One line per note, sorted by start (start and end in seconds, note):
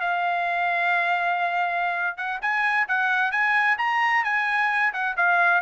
0.00 2.17 F5
2.17 2.39 F#5
2.41 2.87 G#5
2.88 3.31 F#5
3.31 3.77 G#5
3.78 4.24 A#5
4.24 4.92 G#5
4.93 5.16 F#5
5.16 5.61 F5